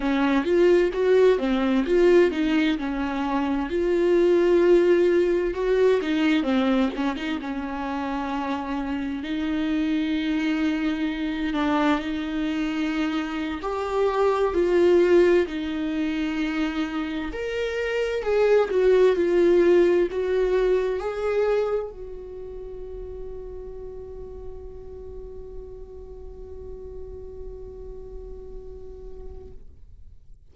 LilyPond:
\new Staff \with { instrumentName = "viola" } { \time 4/4 \tempo 4 = 65 cis'8 f'8 fis'8 c'8 f'8 dis'8 cis'4 | f'2 fis'8 dis'8 c'8 cis'16 dis'16 | cis'2 dis'2~ | dis'8 d'8 dis'4.~ dis'16 g'4 f'16~ |
f'8. dis'2 ais'4 gis'16~ | gis'16 fis'8 f'4 fis'4 gis'4 fis'16~ | fis'1~ | fis'1 | }